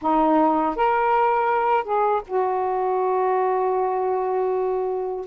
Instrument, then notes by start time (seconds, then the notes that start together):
saxophone
0.01 D#4
0.75 A#4
1.84 G#4
2.27 F#4